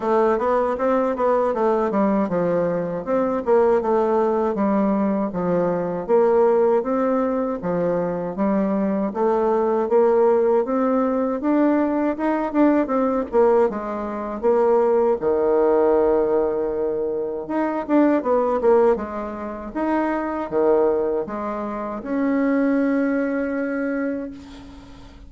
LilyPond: \new Staff \with { instrumentName = "bassoon" } { \time 4/4 \tempo 4 = 79 a8 b8 c'8 b8 a8 g8 f4 | c'8 ais8 a4 g4 f4 | ais4 c'4 f4 g4 | a4 ais4 c'4 d'4 |
dis'8 d'8 c'8 ais8 gis4 ais4 | dis2. dis'8 d'8 | b8 ais8 gis4 dis'4 dis4 | gis4 cis'2. | }